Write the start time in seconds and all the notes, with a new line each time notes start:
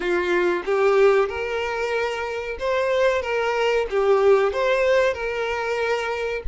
0.00 F4
0.65 G4
1.28 A#4
2.59 C5
3.22 A#4
3.89 G4
4.52 C5
5.13 A#4